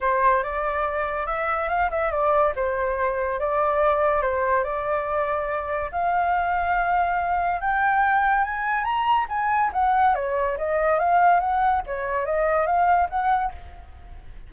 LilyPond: \new Staff \with { instrumentName = "flute" } { \time 4/4 \tempo 4 = 142 c''4 d''2 e''4 | f''8 e''8 d''4 c''2 | d''2 c''4 d''4~ | d''2 f''2~ |
f''2 g''2 | gis''4 ais''4 gis''4 fis''4 | cis''4 dis''4 f''4 fis''4 | cis''4 dis''4 f''4 fis''4 | }